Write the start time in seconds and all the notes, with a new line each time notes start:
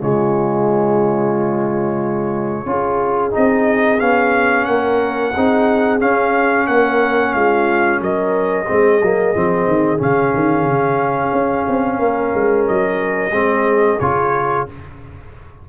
0.00 C#3 G#3 F4 C#5
2.66 C#4 F4 G#4
3.31 C4 D#4 D#5
4.00 B3 C#4 F5
4.65 A#3 A#4 F#5
5.34 C4 D#4 G#4
5.99 C#4 F5
6.67 A#3 A#4 F#5
7.34 G#3 F4 F5
8.01 F#3 A#4 D#5
8.67 G#3 C4 G#4
9.01 F#3 A#3
9.35 F3 C4
9.67 D#3
9.98 C#3 C#4 F5
10.35 D#3
10.65 C#3
11.33 C#4
11.68 C4
11.99 A#3 A#4
12.35 G#3
12.67 F#3 D#5
13.31 G#3 C4 G#4
14.00 C#3 F4 C#5